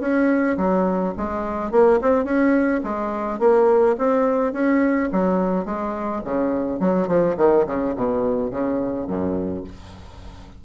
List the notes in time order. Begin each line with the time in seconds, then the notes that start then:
0.00 C#4
0.57 F#3
1.17 G#3
1.71 A#3
2.02 C4
2.24 C#4
2.84 G#3
3.39 A#3
3.98 C4
4.53 C#4
5.12 F#3
5.66 G#3
6.24 C#3
6.80 F#3
7.08 F3
7.37 D#3
7.66 C#3
7.96 B2
8.51 C#3
9.07 F#2